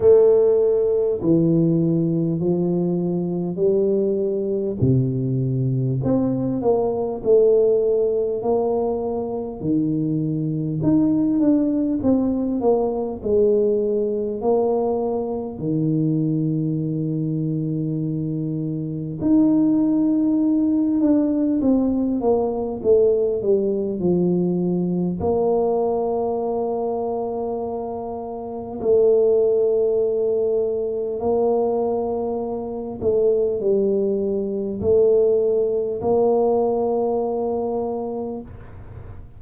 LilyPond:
\new Staff \with { instrumentName = "tuba" } { \time 4/4 \tempo 4 = 50 a4 e4 f4 g4 | c4 c'8 ais8 a4 ais4 | dis4 dis'8 d'8 c'8 ais8 gis4 | ais4 dis2. |
dis'4. d'8 c'8 ais8 a8 g8 | f4 ais2. | a2 ais4. a8 | g4 a4 ais2 | }